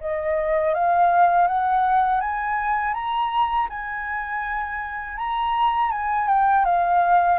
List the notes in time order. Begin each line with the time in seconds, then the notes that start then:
0.00 D#5
0.74 F5
1.47 F#5
2.21 G#5
2.94 A#5
3.69 G#5
5.17 A#5
5.91 G#5
6.28 G5
6.65 F5